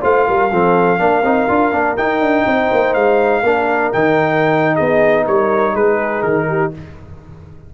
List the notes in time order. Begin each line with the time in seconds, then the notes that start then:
0.00 A3 F4 C5 F5
0.27 G3 A#4
0.50 F3 C4 A4
0.98 A#3 D4 A#4
1.22 C4 D#4
1.48 D4 F4
1.72 A#3 D4
1.97 D#4 G5
2.20 D4
2.46 C4 C5
2.71 A#3
2.93 G#3 F5
3.42 A#3 D4 A#4
3.92 D#3 D#4 G5
4.74 B3 G#4 D#5
5.24 G3 A#4 C#5
5.73 G#3 G#4 B4
6.22 D#3 A#4
6.48 G4